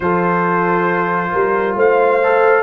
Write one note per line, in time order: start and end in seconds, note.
0.00 1.31 F3
0.00 2.22 F4
0.00 1.31 A4
0.00 1.76 C5
1.31 1.74 G3
1.31 1.75 A#4
1.74 2.62 A3
1.74 2.62 C5
1.74 2.62 F5
2.22 2.62 A4